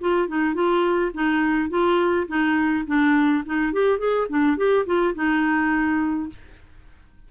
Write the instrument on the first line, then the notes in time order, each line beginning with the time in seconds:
clarinet
0.00 F4
0.28 D#4
0.54 F4
1.14 D#4
1.69 F4
2.27 D#4
2.86 D4
3.45 D#4
3.72 G4
3.98 G#4
4.29 D4
4.57 G4
4.86 F4
5.15 D#4